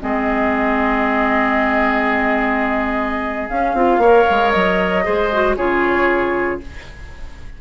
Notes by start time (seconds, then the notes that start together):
0.00 G#3 C4 G#4 D#5
3.49 C#4 F5
3.74 C4 F4
3.98 A#3 C#5
4.05 A#4
4.30 G#3
4.51 F#3 D#5
5.04 G#3 G#4 C5
5.32 F#4
5.57 C#3 F4 G#4 C#5